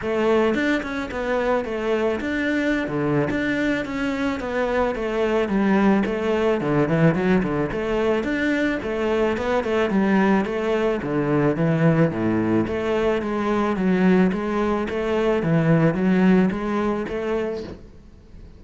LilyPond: \new Staff \with { instrumentName = "cello" } { \time 4/4 \tempo 4 = 109 a4 d'8 cis'8 b4 a4 | d'4~ d'16 d8. d'4 cis'4 | b4 a4 g4 a4 | d8 e8 fis8 d8 a4 d'4 |
a4 b8 a8 g4 a4 | d4 e4 a,4 a4 | gis4 fis4 gis4 a4 | e4 fis4 gis4 a4 | }